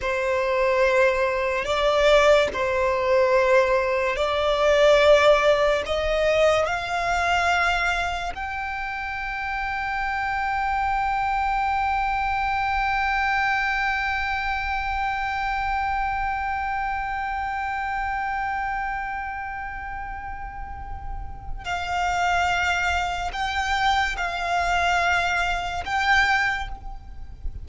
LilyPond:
\new Staff \with { instrumentName = "violin" } { \time 4/4 \tempo 4 = 72 c''2 d''4 c''4~ | c''4 d''2 dis''4 | f''2 g''2~ | g''1~ |
g''1~ | g''1~ | g''2 f''2 | g''4 f''2 g''4 | }